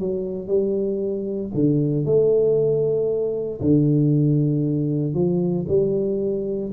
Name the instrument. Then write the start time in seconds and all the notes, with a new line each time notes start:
tuba
0.00 F#3
0.48 G3
1.55 D3
2.05 A3
3.61 D3
5.14 F3
5.68 G3